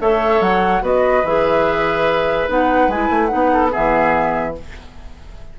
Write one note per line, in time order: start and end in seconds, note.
0.00 0.40 A3
0.00 0.81 A4
0.00 0.82 C#5
0.00 0.42 E5
0.40 0.82 F#3
0.40 0.83 F#5
0.81 1.23 B3
0.81 1.23 F#4
0.81 3.51 B4
0.81 1.26 D#5
1.24 2.48 E3
1.24 2.48 G#4
1.24 2.50 E5
2.48 2.88 B3
2.48 2.90 D#4
2.48 2.91 F#5
2.88 3.08 G#3
2.88 3.28 E4
2.88 3.26 G#5
3.10 3.31 A3
3.26 3.69 D#4
3.26 3.67 F#5
3.33 3.75 B3
3.52 3.71 A4
3.70 4.52 B3
3.70 4.54 G#4
3.70 4.55 E5
3.76 4.59 E3